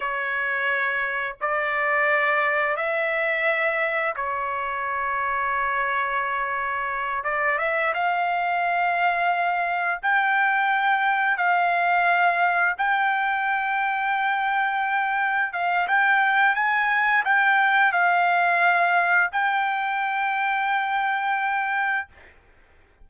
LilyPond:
\new Staff \with { instrumentName = "trumpet" } { \time 4/4 \tempo 4 = 87 cis''2 d''2 | e''2 cis''2~ | cis''2~ cis''8 d''8 e''8 f''8~ | f''2~ f''8 g''4.~ |
g''8 f''2 g''4.~ | g''2~ g''8 f''8 g''4 | gis''4 g''4 f''2 | g''1 | }